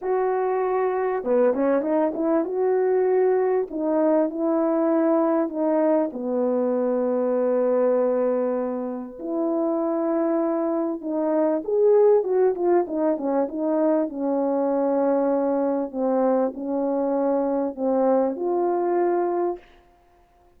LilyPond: \new Staff \with { instrumentName = "horn" } { \time 4/4 \tempo 4 = 98 fis'2 b8 cis'8 dis'8 e'8 | fis'2 dis'4 e'4~ | e'4 dis'4 b2~ | b2. e'4~ |
e'2 dis'4 gis'4 | fis'8 f'8 dis'8 cis'8 dis'4 cis'4~ | cis'2 c'4 cis'4~ | cis'4 c'4 f'2 | }